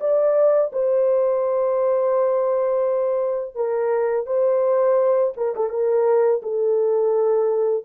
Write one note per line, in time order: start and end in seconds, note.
0.00 0.71 D5
0.72 3.56 C5
3.56 4.26 A#4
4.26 5.33 C5
5.37 5.55 A#4
5.56 5.70 A4
5.70 6.41 A#4
6.43 7.84 A4